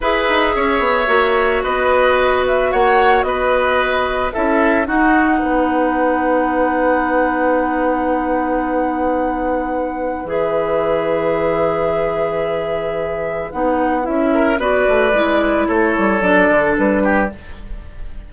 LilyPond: <<
  \new Staff \with { instrumentName = "flute" } { \time 4/4 \tempo 4 = 111 e''2. dis''4~ | dis''8 e''8 fis''4 dis''2 | e''4 fis''2.~ | fis''1~ |
fis''2. e''4~ | e''1~ | e''4 fis''4 e''4 d''4~ | d''4 cis''4 d''4 b'4 | }
  \new Staff \with { instrumentName = "oboe" } { \time 4/4 b'4 cis''2 b'4~ | b'4 cis''4 b'2 | a'4 fis'4 b'2~ | b'1~ |
b'1~ | b'1~ | b'2~ b'8 ais'8 b'4~ | b'4 a'2~ a'8 g'8 | }
  \new Staff \with { instrumentName = "clarinet" } { \time 4/4 gis'2 fis'2~ | fis'1 | e'4 dis'2.~ | dis'1~ |
dis'2. gis'4~ | gis'1~ | gis'4 dis'4 e'4 fis'4 | e'2 d'2 | }
  \new Staff \with { instrumentName = "bassoon" } { \time 4/4 e'8 dis'8 cis'8 b8 ais4 b4~ | b4 ais4 b2 | cis'4 dis'4 b2~ | b1~ |
b2. e4~ | e1~ | e4 b4 cis'4 b8 a8 | gis4 a8 g8 fis8 d8 g4 | }
>>